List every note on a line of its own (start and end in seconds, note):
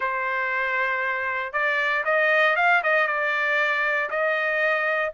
0.00 1.52 C5
1.52 2.04 D5
2.05 2.56 D#5
2.56 2.81 F5
2.83 3.07 D#5
3.07 4.09 D5
4.10 5.12 D#5